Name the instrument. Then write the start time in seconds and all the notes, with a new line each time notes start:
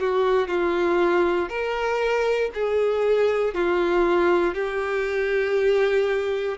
violin
0.00 F#4
0.48 F4
1.49 A#4
2.54 G#4
3.55 F4
4.54 G4